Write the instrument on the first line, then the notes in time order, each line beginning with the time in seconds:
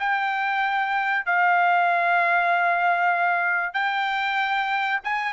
trumpet
0.00 G5
1.26 F5
3.74 G5
5.04 G#5